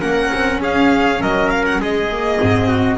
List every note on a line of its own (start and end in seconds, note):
0.00 0.32 A#3
0.00 2.08 C#4
0.00 0.59 A#4
0.00 0.60 F#5
0.34 0.60 C4
0.60 1.19 C#4
0.60 1.20 G#4
0.60 1.21 F5
1.19 1.78 F#3
1.19 1.80 A#4
1.19 1.50 D#5
1.50 1.64 F5
1.65 1.80 F#5
1.78 2.37 G#3
1.78 2.67 G#4
1.78 2.97 D#5
2.11 2.40 A#3
2.40 2.97 G#2
2.40 2.97 C4
2.67 2.97 F#4